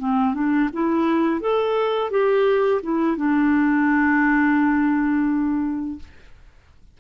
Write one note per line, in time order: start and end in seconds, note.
0.00 0.35 C4
0.35 0.70 D4
0.73 1.41 E4
1.41 2.11 A4
2.11 2.82 G4
2.83 3.17 E4
3.17 5.99 D4